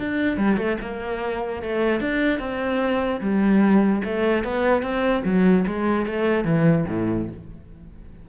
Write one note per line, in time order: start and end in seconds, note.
0.00 0.37 D4
0.37 0.57 G3
0.57 0.77 A3
0.81 1.62 A#3
1.62 2.01 A3
2.01 2.39 D4
2.39 3.20 C4
3.21 4.02 G3
4.04 4.44 A3
4.44 4.82 B3
4.82 5.23 C4
5.25 5.65 F#3
5.67 6.06 G#3
6.06 6.45 A3
6.45 6.85 E3
6.88 7.29 A2